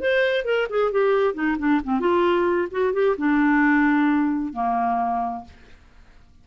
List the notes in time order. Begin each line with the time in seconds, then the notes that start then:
0.00 C5
0.45 A#4
0.70 G#4
0.92 G4
1.34 D#4
1.58 D4
1.84 C4
2.00 F4
2.71 F#4
2.93 G4
3.18 D4
4.53 A#3